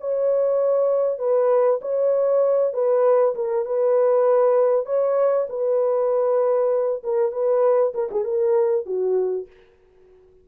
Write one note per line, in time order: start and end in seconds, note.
0.00 1.19 C#5
1.19 1.80 B4
1.81 2.73 C#5
2.73 3.35 B4
3.35 3.65 A#4
3.65 4.86 B4
4.86 5.47 C#5
5.49 7.02 B4
7.03 7.32 A#4
7.32 7.93 B4
7.94 8.10 A#4
8.11 8.24 G#4
8.24 8.86 A#4
8.86 9.47 F#4